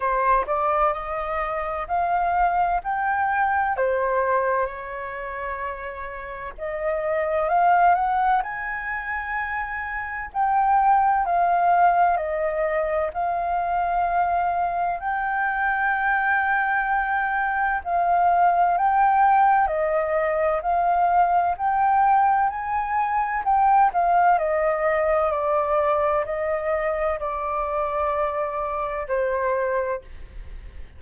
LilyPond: \new Staff \with { instrumentName = "flute" } { \time 4/4 \tempo 4 = 64 c''8 d''8 dis''4 f''4 g''4 | c''4 cis''2 dis''4 | f''8 fis''8 gis''2 g''4 | f''4 dis''4 f''2 |
g''2. f''4 | g''4 dis''4 f''4 g''4 | gis''4 g''8 f''8 dis''4 d''4 | dis''4 d''2 c''4 | }